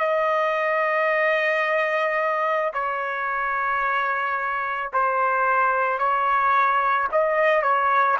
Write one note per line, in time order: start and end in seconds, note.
0.00 2.73 D#5
2.74 4.92 C#5
4.93 5.99 C5
5.99 7.08 C#5
7.12 7.63 D#5
7.63 8.17 C#5